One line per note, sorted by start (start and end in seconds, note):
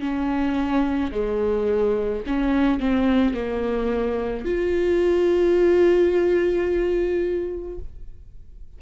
0.00 1.11 C#4
1.12 2.23 G#3
2.27 2.80 C#4
2.80 3.34 C4
3.34 4.45 A#3
4.45 7.79 F4